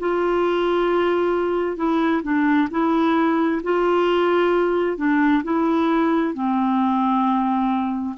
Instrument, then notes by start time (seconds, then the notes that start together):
clarinet
0.00 F4
1.77 E4
2.23 D4
2.71 E4
3.63 F4
4.98 D4
5.44 E4
6.34 C4